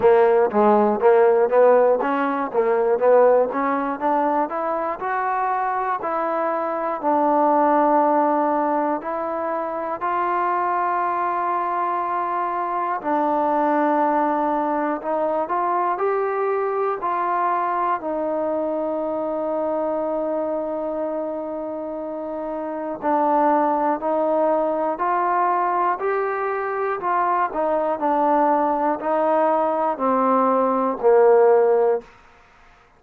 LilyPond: \new Staff \with { instrumentName = "trombone" } { \time 4/4 \tempo 4 = 60 ais8 gis8 ais8 b8 cis'8 ais8 b8 cis'8 | d'8 e'8 fis'4 e'4 d'4~ | d'4 e'4 f'2~ | f'4 d'2 dis'8 f'8 |
g'4 f'4 dis'2~ | dis'2. d'4 | dis'4 f'4 g'4 f'8 dis'8 | d'4 dis'4 c'4 ais4 | }